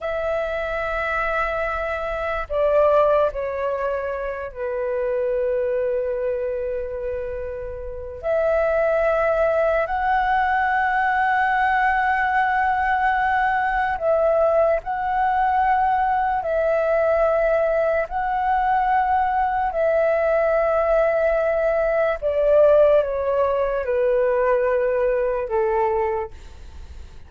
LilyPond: \new Staff \with { instrumentName = "flute" } { \time 4/4 \tempo 4 = 73 e''2. d''4 | cis''4. b'2~ b'8~ | b'2 e''2 | fis''1~ |
fis''4 e''4 fis''2 | e''2 fis''2 | e''2. d''4 | cis''4 b'2 a'4 | }